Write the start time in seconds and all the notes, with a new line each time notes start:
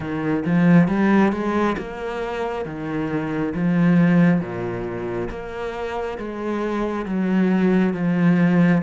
0.00 D#3
0.45 F3
0.88 G3
1.32 G#3
1.78 A#3
2.65 D#3
3.54 F3
4.40 A#2
5.29 A#3
6.18 G#3
7.05 F#3
7.93 F3